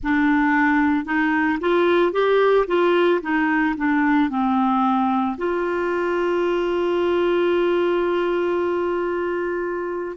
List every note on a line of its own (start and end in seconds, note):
0.03 1.05 D4
1.05 1.58 D#4
1.60 2.12 F4
2.12 2.65 G4
2.67 3.20 F4
3.21 3.75 D#4
3.76 4.29 D4
4.29 5.36 C4
5.37 10.16 F4